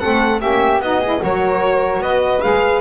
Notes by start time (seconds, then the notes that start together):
0.00 A3 C4 A4 F#5
0.40 A#3 C#4 G4 E5
0.80 B3 D#4 F#4 D#5
1.00 E4 G#4
1.20 F#3 F#4 A#4 C#5
2.00 B3 B4 D#5
2.41 G#3 G#4 F5